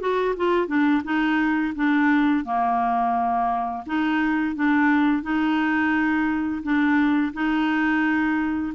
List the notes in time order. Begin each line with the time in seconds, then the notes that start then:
0.00 F#4
0.36 F4
0.67 D4
1.04 D#4
1.75 D4
2.45 A#3
3.86 D#4
4.55 D4
5.22 D#4
6.63 D4
7.33 D#4